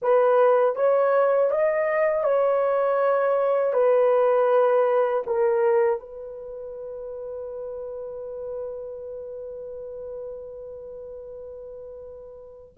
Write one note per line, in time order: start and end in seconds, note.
0.02 0.75 B4
0.75 1.50 C#5
1.50 2.23 D#5
2.23 3.73 C#5
3.73 5.23 B4
5.26 5.99 A#4
5.99 12.74 B4